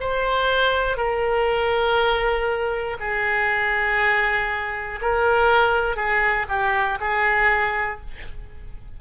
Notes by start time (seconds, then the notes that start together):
0.00 C5
0.97 A#4
3.00 G#4
5.01 A#4
5.96 G#4
6.48 G4
7.00 G#4